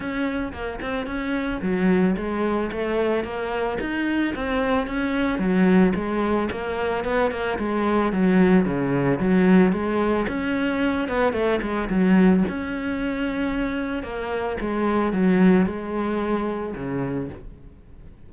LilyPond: \new Staff \with { instrumentName = "cello" } { \time 4/4 \tempo 4 = 111 cis'4 ais8 c'8 cis'4 fis4 | gis4 a4 ais4 dis'4 | c'4 cis'4 fis4 gis4 | ais4 b8 ais8 gis4 fis4 |
cis4 fis4 gis4 cis'4~ | cis'8 b8 a8 gis8 fis4 cis'4~ | cis'2 ais4 gis4 | fis4 gis2 cis4 | }